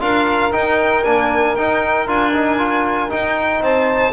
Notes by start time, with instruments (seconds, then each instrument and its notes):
0.00 double bass D4, trombone F4, saxophone A#4, violin F5
0.52 trombone D#4, double bass D#4, violin G5
1.04 double bass A#3, trombone D4, violin G#5
1.55 double bass D#4, trombone D#4, violin G5
2.07 double bass D4, trombone F4, violin G#5
2.33 trombone D#4
2.58 trombone F4
3.09 trombone D#4, double bass D#4, violin G5
3.60 double bass C4, saxophone C5, violin A5